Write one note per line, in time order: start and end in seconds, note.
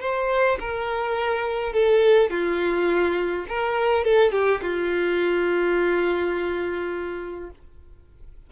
0.00 0.58 C5
0.60 1.73 A#4
1.73 2.30 A4
2.30 3.45 F4
3.48 4.04 A#4
4.04 4.32 A4
4.32 4.60 G4
4.61 7.50 F4